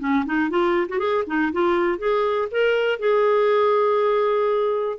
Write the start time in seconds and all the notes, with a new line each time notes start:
0.00 C#4
0.26 D#4
0.50 F4
0.89 F#4
0.99 G#4
1.27 D#4
1.53 F4
1.98 G#4
2.52 A#4
3.00 G#4